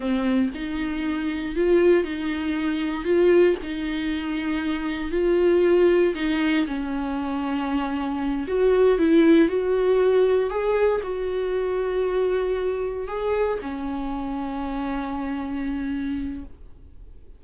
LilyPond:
\new Staff \with { instrumentName = "viola" } { \time 4/4 \tempo 4 = 117 c'4 dis'2 f'4 | dis'2 f'4 dis'4~ | dis'2 f'2 | dis'4 cis'2.~ |
cis'8 fis'4 e'4 fis'4.~ | fis'8 gis'4 fis'2~ fis'8~ | fis'4. gis'4 cis'4.~ | cis'1 | }